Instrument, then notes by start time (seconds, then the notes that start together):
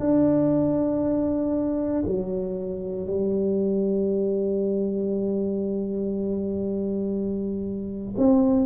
tuba
0.00 D4
2.06 F#3
3.07 G3
8.18 C4